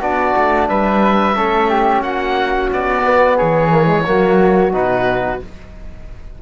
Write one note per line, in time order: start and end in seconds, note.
0.00 0.34 B3
0.00 1.34 D4
0.00 0.67 F#4
0.00 0.69 D5
0.37 0.70 A3
0.69 1.37 G3
0.69 1.36 B4
0.69 2.03 E5
1.34 2.02 A3
1.34 3.02 C#4
1.34 1.70 A4
1.70 2.03 G4
2.02 2.69 A#3
2.02 3.37 F#4
2.02 2.70 F#5
2.73 3.40 B3
2.73 3.38 D5
3.05 3.71 B3
3.37 4.07 E3
3.37 4.04 G#4
3.37 4.73 C#5
3.71 3.86 A#3
3.86 4.03 G#3
4.06 4.74 F#3
4.06 4.72 A#3
4.06 5.43 F#4
4.72 5.41 B2
4.72 5.40 D#4
4.72 5.42 B4